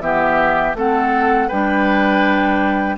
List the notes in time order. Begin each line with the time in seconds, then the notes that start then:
0.00 E3 B3 G4 E5
0.74 A3 C4 A4 F#5
1.48 G3 D4 B4 G5